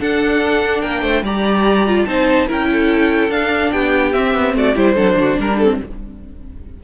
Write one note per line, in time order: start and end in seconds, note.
0.00 1.24 D4
0.00 0.83 D4
0.00 0.81 A4
0.00 0.81 F#5
0.81 1.02 A#3
0.81 1.02 A#4
0.81 1.23 G5
1.02 1.22 A3
1.02 1.23 C5
1.22 2.04 G3
1.22 1.87 G4
1.22 2.07 D5
1.22 2.05 A#5
1.87 2.06 F4
2.05 2.48 C4
2.05 2.47 D#4
2.05 2.47 C5
2.05 2.47 A5
2.47 3.29 C#4
2.47 3.30 E4
2.47 2.68 A#4
2.47 3.31 G5
2.71 3.72 A4
3.29 3.70 D4
3.29 4.13 D4
3.29 3.72 F5
3.72 4.14 B3
3.72 4.55 G4
3.72 4.13 G5
4.13 4.34 C4
4.13 4.75 C4
4.13 4.54 E5
4.35 4.54 B3
4.54 4.75 A3
4.54 4.75 F#4
4.54 4.77 D5
4.75 4.96 G3
4.75 4.96 E4
4.75 4.95 G4
4.75 5.39 C5
4.95 5.16 F#3
4.95 5.58 D4
4.95 5.15 A4
5.16 5.36 D3
5.16 5.38 F#4
5.38 5.80 G3
5.38 5.80 D4
5.38 5.58 A#4
5.58 5.84 C4
5.58 5.78 A4